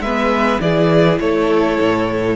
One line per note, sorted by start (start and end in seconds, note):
0.00 0.58 G#3
0.00 0.62 B4
0.00 0.60 E5
0.06 0.61 B3
0.61 1.19 E3
0.61 2.36 E4
0.61 1.21 G#4
0.61 1.19 D5
1.20 1.78 A3
1.20 2.36 A4
1.20 2.36 C#5
1.81 2.36 A2